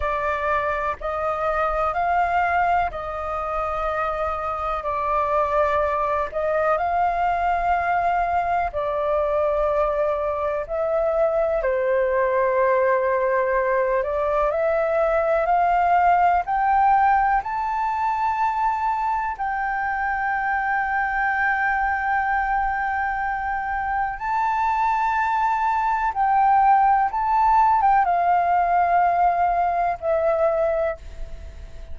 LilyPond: \new Staff \with { instrumentName = "flute" } { \time 4/4 \tempo 4 = 62 d''4 dis''4 f''4 dis''4~ | dis''4 d''4. dis''8 f''4~ | f''4 d''2 e''4 | c''2~ c''8 d''8 e''4 |
f''4 g''4 a''2 | g''1~ | g''4 a''2 g''4 | a''8. g''16 f''2 e''4 | }